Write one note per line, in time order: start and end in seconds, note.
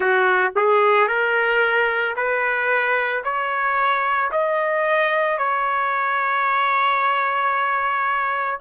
0.00 0.51 F#4
0.56 1.07 G#4
1.07 2.14 A#4
2.15 3.22 B4
3.23 4.31 C#5
4.31 5.38 D#5
5.38 8.59 C#5